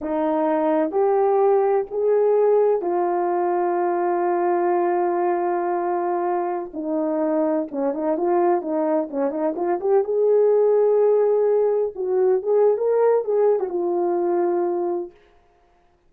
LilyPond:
\new Staff \with { instrumentName = "horn" } { \time 4/4 \tempo 4 = 127 dis'2 g'2 | gis'2 f'2~ | f'1~ | f'2~ f'16 dis'4.~ dis'16~ |
dis'16 cis'8 dis'8 f'4 dis'4 cis'8 dis'16~ | dis'16 f'8 g'8 gis'2~ gis'8.~ | gis'4~ gis'16 fis'4 gis'8. ais'4 | gis'8. fis'16 f'2. | }